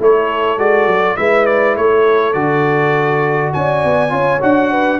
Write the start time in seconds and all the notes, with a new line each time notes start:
0.00 A3 E4 A4 C#5
0.58 G#3 F#4 D5
0.87 F#3
1.17 G#3 E4 B4 E5
1.46 D5
1.77 A3 A4 C#5
2.33 D3 F#4 D5
3.53 C#4 D5 G#5
3.85 B3
4.09 C#4 F4 C#5
4.41 D4 F#4 F#5
4.71 B4